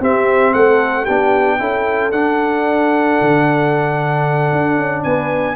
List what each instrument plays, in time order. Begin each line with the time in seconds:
0.00 tuba C4, trombone C4, horn G4, trumpet E5
0.53 tuba A3, horn A4, trumpet F#5
1.04 tuba B3, trombone D4, horn G4, trumpet G5
1.59 tuba C#4, trombone E4, horn A4
2.11 tuba D4, trombone D4, trumpet F#5
3.22 tuba D3
4.52 tuba D4
4.77 tuba C#4
5.04 tuba B3, horn B4, trumpet G#5